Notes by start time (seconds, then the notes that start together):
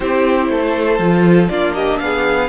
0.00 C4 E4 G4 C5
0.49 A3 A4
0.99 F3 F4
1.48 A#3 D4 F4 D5
1.73 G4 D#5
1.99 B3 G#4 F5